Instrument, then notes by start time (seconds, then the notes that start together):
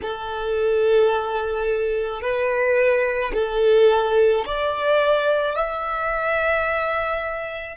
violin
0.01 A4
2.21 B4
3.33 A4
4.45 D5
5.56 E5